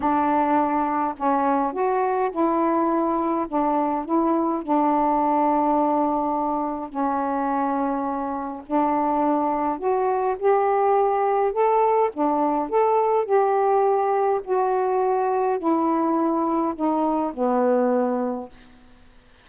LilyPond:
\new Staff \with { instrumentName = "saxophone" } { \time 4/4 \tempo 4 = 104 d'2 cis'4 fis'4 | e'2 d'4 e'4 | d'1 | cis'2. d'4~ |
d'4 fis'4 g'2 | a'4 d'4 a'4 g'4~ | g'4 fis'2 e'4~ | e'4 dis'4 b2 | }